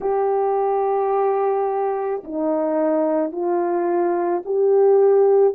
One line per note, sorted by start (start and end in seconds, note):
0.00 2.22 G4
2.24 3.31 D#4
3.31 4.42 F4
4.44 5.54 G4